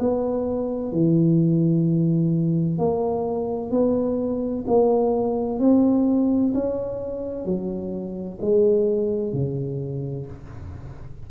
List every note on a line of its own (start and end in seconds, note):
0.00 0.92 B3
0.92 2.79 E3
2.79 3.71 A#3
3.71 4.65 B3
4.67 5.60 A#3
5.60 6.53 C4
6.54 7.45 C#4
7.45 8.39 F#3
8.41 9.33 G#3
9.33 10.27 C#3